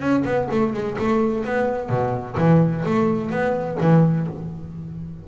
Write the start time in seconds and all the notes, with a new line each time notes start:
0.00 C#4
0.25 B3
0.51 A3
0.74 G#3
0.99 A3
1.45 B3
1.89 B2
2.37 E3
2.86 A3
3.31 B3
3.81 E3